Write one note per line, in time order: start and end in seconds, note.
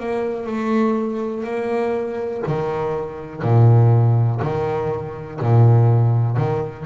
0.00 0.46 A#3
0.46 1.44 A3
1.44 2.42 A#3
2.47 3.43 D#3
3.43 4.41 A#2
4.42 5.40 D#3
5.41 6.37 A#2
6.37 6.86 D#3